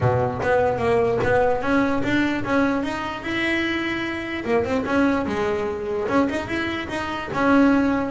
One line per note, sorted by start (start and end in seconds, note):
0.00 0.41 B2
0.42 0.78 B3
0.78 1.18 A#3
1.23 1.61 B3
1.61 2.02 C#4
2.03 2.44 D4
2.44 2.83 C#4
2.83 3.22 D#4
3.22 4.44 E4
4.44 4.64 A#3
4.64 4.84 C4
4.85 5.26 C#4
5.26 6.07 G#3
6.08 6.28 C#4
6.29 6.47 D#4
6.47 6.88 E4
6.88 7.29 D#4
7.33 8.10 C#4